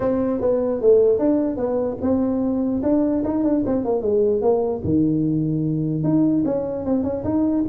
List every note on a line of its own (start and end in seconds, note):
0.00 0.40 C4
0.40 0.81 B3
0.81 1.18 A3
1.18 1.56 D4
1.56 1.97 B3
2.01 2.82 C4
2.82 3.23 D4
3.24 3.43 D#4
3.43 3.63 D4
3.66 3.85 C4
3.85 4.01 A#3
4.01 4.41 G#3
4.41 4.81 A#3
4.83 6.03 D#3
6.03 6.43 D#4
6.45 6.85 C#4
6.85 7.03 C4
7.03 7.23 C#4
7.24 7.64 D#4